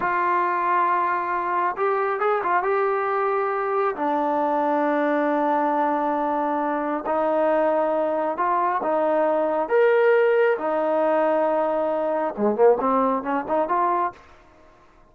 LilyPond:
\new Staff \with { instrumentName = "trombone" } { \time 4/4 \tempo 4 = 136 f'1 | g'4 gis'8 f'8 g'2~ | g'4 d'2.~ | d'1 |
dis'2. f'4 | dis'2 ais'2 | dis'1 | gis8 ais8 c'4 cis'8 dis'8 f'4 | }